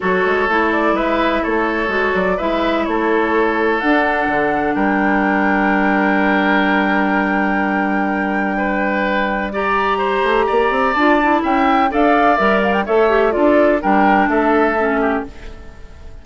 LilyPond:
<<
  \new Staff \with { instrumentName = "flute" } { \time 4/4 \tempo 4 = 126 cis''4. d''8 e''4 cis''4~ | cis''8 d''8 e''4 cis''2 | fis''2 g''2~ | g''1~ |
g''1 | ais''2. a''4 | g''4 f''4 e''8 f''16 g''16 e''4 | d''4 g''4 e''2 | }
  \new Staff \with { instrumentName = "oboe" } { \time 4/4 a'2 b'4 a'4~ | a'4 b'4 a'2~ | a'2 ais'2~ | ais'1~ |
ais'2 b'2 | d''4 c''4 d''2 | e''4 d''2 cis''4 | a'4 ais'4 a'4. g'8 | }
  \new Staff \with { instrumentName = "clarinet" } { \time 4/4 fis'4 e'2. | fis'4 e'2. | d'1~ | d'1~ |
d'1 | g'2. f'8 e'8~ | e'4 a'4 ais'4 a'8 g'8 | f'4 d'2 cis'4 | }
  \new Staff \with { instrumentName = "bassoon" } { \time 4/4 fis8 gis8 a4 gis4 a4 | gis8 fis8 gis4 a2 | d'4 d4 g2~ | g1~ |
g1~ | g4. a8 ais8 c'8 d'4 | cis'4 d'4 g4 a4 | d'4 g4 a2 | }
>>